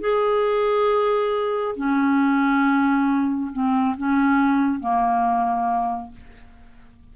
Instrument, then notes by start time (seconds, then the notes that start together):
clarinet
0.00 G#4
1.76 C#4
3.52 C4
3.97 C#4
4.80 A#3